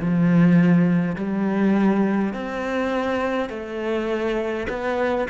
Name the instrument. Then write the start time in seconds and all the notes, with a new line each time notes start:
cello
0.00 F3
1.16 G3
2.34 C4
3.50 A3
4.69 B3